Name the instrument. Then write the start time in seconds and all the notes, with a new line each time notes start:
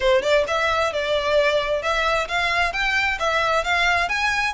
violin
0.00 C5
0.22 D5
0.47 E5
0.92 D5
1.82 E5
2.28 F5
2.73 G5
3.19 E5
3.64 F5
4.08 G#5